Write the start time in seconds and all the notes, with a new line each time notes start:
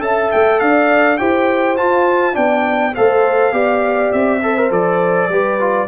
0.00 C#4 A4 E5 A5
0.32 A3 G5
0.60 D4 D5 F5
1.17 E4 G4 C5 G5
1.77 F4 A5
2.33 B3 D4 D5 G5
2.95 A3 A4 C5 F5
3.52 B3 G4 D5
4.12 C4 E5
4.43 A4 C5
4.58 A#4
4.70 F3 A4 D5
5.29 G3 G4 B4
5.60 F4